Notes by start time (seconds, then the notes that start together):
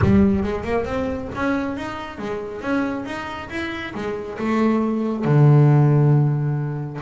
0.01 G3
0.43 G#3
0.64 A#3
0.84 C4
1.35 C#4
1.76 D#4
2.18 G#3
2.61 C#4
3.05 D#4
3.49 E4
3.94 G#3
4.38 A3
5.25 D3